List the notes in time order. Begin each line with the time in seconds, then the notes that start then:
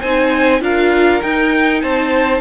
0.00 C4 D#4 C5 G#5
0.61 D4 F4 A#4 F5
1.22 D#4 G5
1.81 C4 C5 A5